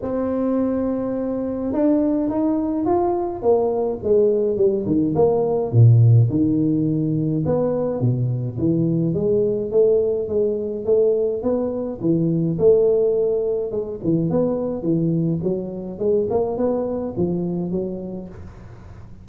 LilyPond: \new Staff \with { instrumentName = "tuba" } { \time 4/4 \tempo 4 = 105 c'2. d'4 | dis'4 f'4 ais4 gis4 | g8 dis8 ais4 ais,4 dis4~ | dis4 b4 b,4 e4 |
gis4 a4 gis4 a4 | b4 e4 a2 | gis8 e8 b4 e4 fis4 | gis8 ais8 b4 f4 fis4 | }